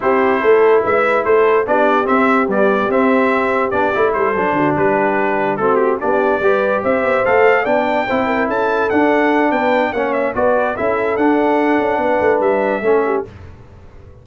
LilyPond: <<
  \new Staff \with { instrumentName = "trumpet" } { \time 4/4 \tempo 4 = 145 c''2 e''4 c''4 | d''4 e''4 d''4 e''4~ | e''4 d''4 c''4. b'8~ | b'4. a'8 g'8 d''4.~ |
d''8 e''4 f''4 g''4.~ | g''8 a''4 fis''4. g''4 | fis''8 e''8 d''4 e''4 fis''4~ | fis''2 e''2 | }
  \new Staff \with { instrumentName = "horn" } { \time 4/4 g'4 a'4 b'4 a'4 | g'1~ | g'2 a'4 fis'8 g'8~ | g'4. fis'4 g'4 b'8~ |
b'8 c''2 d''4 c''8 | ais'8 a'2~ a'8 b'4 | cis''4 b'4 a'2~ | a'4 b'2 a'8 g'8 | }
  \new Staff \with { instrumentName = "trombone" } { \time 4/4 e'1 | d'4 c'4 g4 c'4~ | c'4 d'8 e'4 d'4.~ | d'4. c'4 d'4 g'8~ |
g'4. a'4 d'4 e'8~ | e'4. d'2~ d'8 | cis'4 fis'4 e'4 d'4~ | d'2. cis'4 | }
  \new Staff \with { instrumentName = "tuba" } { \time 4/4 c'4 a4 gis4 a4 | b4 c'4 b4 c'4~ | c'4 b8 a8 g8 fis8 d8 g8~ | g4. a4 b4 g8~ |
g8 c'8 b8 a4 b4 c'8~ | c'8 cis'4 d'4. b4 | ais4 b4 cis'4 d'4~ | d'8 cis'8 b8 a8 g4 a4 | }
>>